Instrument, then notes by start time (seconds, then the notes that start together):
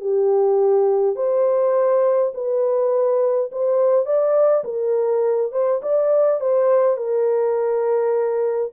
horn
0.00 G4
1.15 C5
2.34 B4
3.51 C5
4.05 D5
4.64 A#4
5.52 C5
5.82 D5
6.40 C5
6.97 A#4